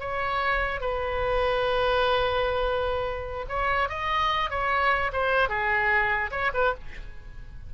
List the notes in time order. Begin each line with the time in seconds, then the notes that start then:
0.00 C#5
0.81 B4
3.49 C#5
3.89 D#5
4.50 C#5
5.13 C5
5.49 G#4
6.31 C#5
6.54 B4